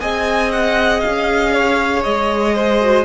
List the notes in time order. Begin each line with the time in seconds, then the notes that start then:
0.00 C4 G#4 D#5 G#5
0.52 F#5
1.01 C#4 F5
1.53 C#5
2.03 G#3 D#5
2.55 C5
2.81 F#4